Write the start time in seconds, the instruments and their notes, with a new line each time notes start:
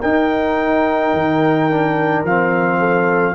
0.00 tuba D#4, trombone D#4, horn A#4, trumpet G5
1.13 tuba D#3
1.70 trombone D4
2.23 tuba F3, trombone C4, trumpet F5
2.78 horn A4